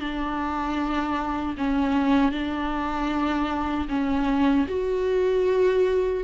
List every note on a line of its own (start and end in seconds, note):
0.00 1.56 D4
1.57 2.32 C#4
2.32 3.88 D4
3.89 4.67 C#4
4.68 6.24 F#4